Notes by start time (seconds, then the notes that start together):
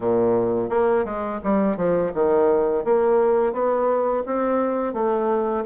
0.00 A#2
0.69 A#3
1.04 G#3
1.43 G3
1.76 F3
2.14 D#3
2.84 A#3
3.52 B3
4.25 C4
4.93 A3